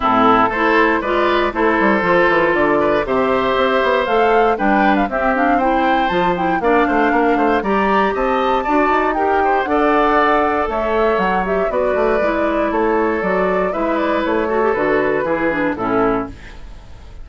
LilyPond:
<<
  \new Staff \with { instrumentName = "flute" } { \time 4/4 \tempo 4 = 118 a'4 c''4 d''4 c''4~ | c''4 d''4 e''2 | f''4 g''8. f''16 e''8 f''8 g''4 | a''8 g''8 f''2 ais''4 |
a''2 g''4 fis''4~ | fis''4 e''4 fis''8 e''8 d''4~ | d''4 cis''4 d''4 e''8 d''8 | cis''4 b'2 a'4 | }
  \new Staff \with { instrumentName = "oboe" } { \time 4/4 e'4 a'4 b'4 a'4~ | a'4. b'8 c''2~ | c''4 b'4 g'4 c''4~ | c''4 d''8 c''8 ais'8 c''8 d''4 |
dis''4 d''4 ais'8 c''8 d''4~ | d''4 cis''2 b'4~ | b'4 a'2 b'4~ | b'8 a'4. gis'4 e'4 | }
  \new Staff \with { instrumentName = "clarinet" } { \time 4/4 c'4 e'4 f'4 e'4 | f'2 g'2 | a'4 d'4 c'8 d'8 e'4 | f'8 e'8 d'2 g'4~ |
g'4 fis'4 g'4 a'4~ | a'2~ a'8 g'8 fis'4 | e'2 fis'4 e'4~ | e'8 fis'16 g'16 fis'4 e'8 d'8 cis'4 | }
  \new Staff \with { instrumentName = "bassoon" } { \time 4/4 a,4 a4 gis4 a8 g8 | f8 e8 d4 c4 c'8 b8 | a4 g4 c'2 | f4 ais8 a8 ais8 a8 g4 |
c'4 d'8 dis'4. d'4~ | d'4 a4 fis4 b8 a8 | gis4 a4 fis4 gis4 | a4 d4 e4 a,4 | }
>>